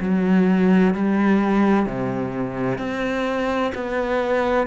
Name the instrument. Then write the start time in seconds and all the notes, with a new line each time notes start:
cello
0.00 F#3
0.94 G3
1.86 C3
2.78 C4
3.75 B3